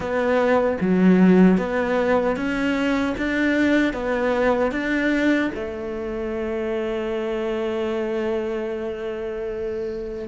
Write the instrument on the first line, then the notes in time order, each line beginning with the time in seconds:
cello
0.00 B3
0.80 F#3
1.57 B3
2.36 C#4
3.17 D4
3.93 B3
4.72 D4
5.54 A3